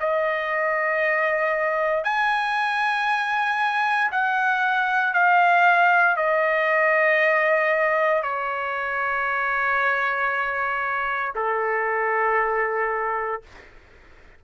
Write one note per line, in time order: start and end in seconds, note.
0.00 2.04 D#5
2.04 4.11 G#5
4.12 5.14 F#5
5.14 6.16 F5
6.16 8.23 D#5
8.23 11.33 C#5
11.36 13.42 A4